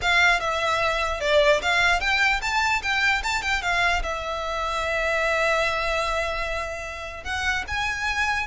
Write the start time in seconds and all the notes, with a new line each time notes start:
0.01 F5
0.40 E5
1.20 D5
1.61 F5
2.00 G5
2.41 A5
2.82 G5
3.23 A5
3.42 G5
3.62 F5
4.03 E5
7.24 F#5
7.67 G#5